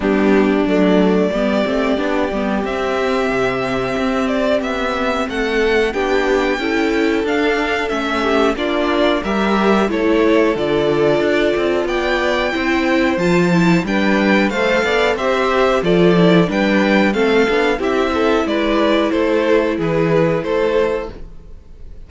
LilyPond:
<<
  \new Staff \with { instrumentName = "violin" } { \time 4/4 \tempo 4 = 91 g'4 d''2. | e''2~ e''8 d''8 e''4 | fis''4 g''2 f''4 | e''4 d''4 e''4 cis''4 |
d''2 g''2 | a''4 g''4 f''4 e''4 | d''4 g''4 f''4 e''4 | d''4 c''4 b'4 c''4 | }
  \new Staff \with { instrumentName = "violin" } { \time 4/4 d'2 g'2~ | g'1 | a'4 g'4 a'2~ | a'8 g'8 f'4 ais'4 a'4~ |
a'2 d''4 c''4~ | c''4 b'4 c''8 d''8 c''4 | a'4 b'4 a'4 g'8 a'8 | b'4 a'4 gis'4 a'4 | }
  \new Staff \with { instrumentName = "viola" } { \time 4/4 b4 a4 b8 c'8 d'8 b8 | c'1~ | c'4 d'4 e'4 d'4 | cis'4 d'4 g'4 e'4 |
f'2. e'4 | f'8 e'8 d'4 a'4 g'4 | f'8 e'8 d'4 c'8 d'8 e'4~ | e'1 | }
  \new Staff \with { instrumentName = "cello" } { \time 4/4 g4 fis4 g8 a8 b8 g8 | c'4 c4 c'4 b4 | a4 b4 cis'4 d'4 | a4 ais4 g4 a4 |
d4 d'8 c'8 b4 c'4 | f4 g4 a8 b8 c'4 | f4 g4 a8 b8 c'4 | gis4 a4 e4 a4 | }
>>